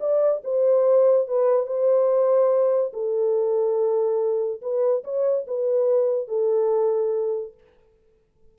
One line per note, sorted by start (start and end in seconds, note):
0.00 0.42 D5
0.44 1.28 C5
1.28 1.66 B4
1.66 2.92 C5
2.93 4.61 A4
4.62 5.04 B4
5.04 5.46 C#5
5.47 6.28 B4
6.28 7.54 A4